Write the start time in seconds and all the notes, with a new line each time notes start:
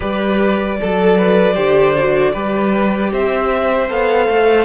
0.00 G3 G4 B4 D5
0.80 F#3 A4
1.18 B4
1.53 D3 G4 C5
1.97 F#4
2.32 G3 G4 B4
3.12 C4 C5 E5
3.89 B3 A4 F5
4.28 A3